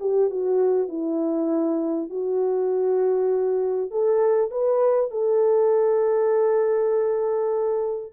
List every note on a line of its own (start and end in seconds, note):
0.00 0.30 G4
0.30 0.88 F#4
0.88 2.09 E4
2.10 3.91 F#4
3.91 4.51 A4
4.51 5.11 B4
5.11 8.13 A4